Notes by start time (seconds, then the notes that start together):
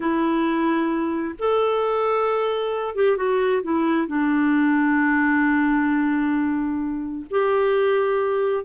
0.00 E4
1.38 A4
2.95 G4
3.16 F#4
3.62 E4
4.07 D4
7.30 G4